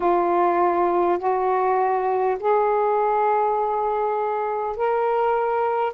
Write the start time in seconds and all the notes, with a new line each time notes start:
0.00 F4
1.18 F#4
2.39 G#4
4.76 A#4